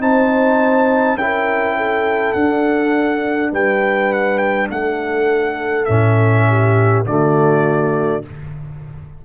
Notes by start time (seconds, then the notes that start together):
0.00 C4 D#4 C5 A5
1.16 C#4 E4 A#4 G5
1.77 A4
2.33 D4 F#5
3.52 G3 B4 G5
4.13 F#5
4.38 G5
4.70 A3 A4 F#5
5.86 A2 C#4 E5
6.49 G4
7.06 D3 A3 F#4 D5